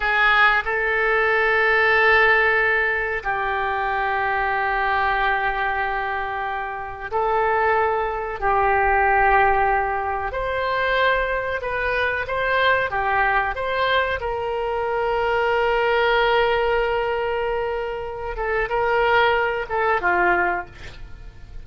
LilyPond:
\new Staff \with { instrumentName = "oboe" } { \time 4/4 \tempo 4 = 93 gis'4 a'2.~ | a'4 g'2.~ | g'2. a'4~ | a'4 g'2. |
c''2 b'4 c''4 | g'4 c''4 ais'2~ | ais'1~ | ais'8 a'8 ais'4. a'8 f'4 | }